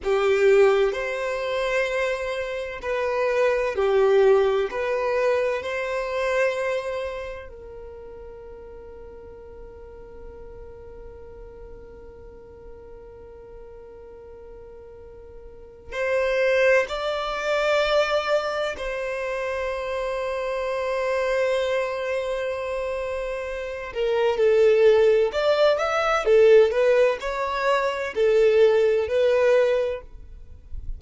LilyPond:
\new Staff \with { instrumentName = "violin" } { \time 4/4 \tempo 4 = 64 g'4 c''2 b'4 | g'4 b'4 c''2 | ais'1~ | ais'1~ |
ais'4 c''4 d''2 | c''1~ | c''4. ais'8 a'4 d''8 e''8 | a'8 b'8 cis''4 a'4 b'4 | }